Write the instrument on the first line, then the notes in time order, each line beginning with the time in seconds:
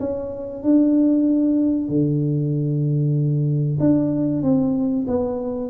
tuba
0.00 C#4
0.63 D4
1.89 D3
3.80 D4
4.43 C4
5.08 B3